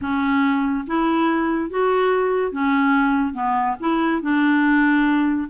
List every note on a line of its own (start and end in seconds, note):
0.01 0.85 C#4
0.86 1.70 E4
1.70 2.51 F#4
2.51 3.33 C#4
3.33 3.75 B3
3.80 4.22 E4
4.22 5.48 D4